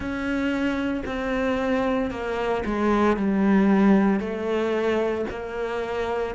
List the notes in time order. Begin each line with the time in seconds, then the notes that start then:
0.00 C#4
1.05 C4
2.11 A#3
2.66 G#3
3.16 G3
4.20 A3
5.30 A#3